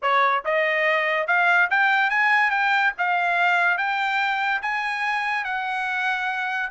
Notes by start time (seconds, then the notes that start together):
0.02 C#5
0.44 D#5
1.27 F5
1.70 G5
2.10 G#5
2.50 G5
2.98 F5
3.77 G5
4.62 G#5
5.44 F#5